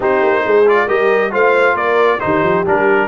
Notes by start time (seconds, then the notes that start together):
0.00 C4 D#4 G4 C5
0.22 A#3
0.46 G#3 G#4
0.66 F4 D5
0.87 G3 G4 A#4 D#5
1.30 A3 F4 C5 F5
1.75 A#3 A#4 D5
2.20 D#3 D#4 G4 C5
2.42 F3
2.65 G3 D4 A#4